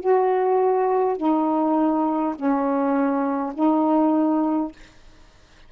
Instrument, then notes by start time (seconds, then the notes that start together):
saxophone
0.00 F#4
1.17 D#4
2.35 C#4
3.54 D#4